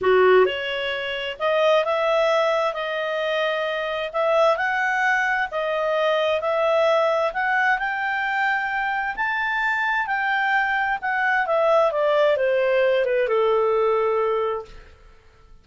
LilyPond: \new Staff \with { instrumentName = "clarinet" } { \time 4/4 \tempo 4 = 131 fis'4 cis''2 dis''4 | e''2 dis''2~ | dis''4 e''4 fis''2 | dis''2 e''2 |
fis''4 g''2. | a''2 g''2 | fis''4 e''4 d''4 c''4~ | c''8 b'8 a'2. | }